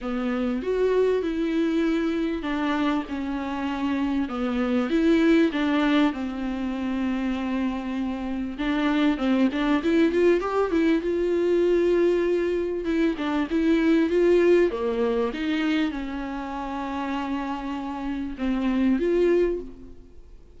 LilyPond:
\new Staff \with { instrumentName = "viola" } { \time 4/4 \tempo 4 = 98 b4 fis'4 e'2 | d'4 cis'2 b4 | e'4 d'4 c'2~ | c'2 d'4 c'8 d'8 |
e'8 f'8 g'8 e'8 f'2~ | f'4 e'8 d'8 e'4 f'4 | ais4 dis'4 cis'2~ | cis'2 c'4 f'4 | }